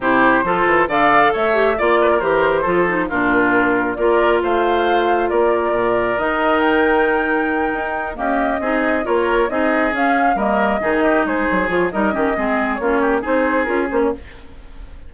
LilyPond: <<
  \new Staff \with { instrumentName = "flute" } { \time 4/4 \tempo 4 = 136 c''2 f''4 e''4 | d''4 c''2 ais'4~ | ais'4 d''4 f''2 | d''2 dis''4 g''4~ |
g''2~ g''8 dis''4.~ | dis''8 cis''4 dis''4 f''4 dis''8~ | dis''4. c''4 cis''8 dis''4~ | dis''4 cis''4 c''4 ais'8 c''16 cis''16 | }
  \new Staff \with { instrumentName = "oboe" } { \time 4/4 g'4 a'4 d''4 cis''4 | d''8 b'16 ais'4~ ais'16 a'4 f'4~ | f'4 ais'4 c''2 | ais'1~ |
ais'2~ ais'8 g'4 gis'8~ | gis'8 ais'4 gis'2 ais'8~ | ais'8 gis'8 g'8 gis'4. ais'8 g'8 | gis'4 f'8 g'8 gis'2 | }
  \new Staff \with { instrumentName = "clarinet" } { \time 4/4 e'4 f'4 a'4. g'8 | f'4 g'4 f'8 dis'8 d'4~ | d'4 f'2.~ | f'2 dis'2~ |
dis'2~ dis'8 ais4 dis'8~ | dis'8 f'4 dis'4 cis'4 ais8~ | ais8 dis'2 f'8 dis'8 cis'8 | c'4 cis'4 dis'4 f'8 cis'8 | }
  \new Staff \with { instrumentName = "bassoon" } { \time 4/4 c4 f8 e8 d4 a4 | ais4 e4 f4 ais,4~ | ais,4 ais4 a2 | ais4 ais,4 dis2~ |
dis4. dis'4 cis'4 c'8~ | c'8 ais4 c'4 cis'4 g8~ | g8 dis4 gis8 fis8 f8 g8 dis8 | gis4 ais4 c'4 cis'8 ais8 | }
>>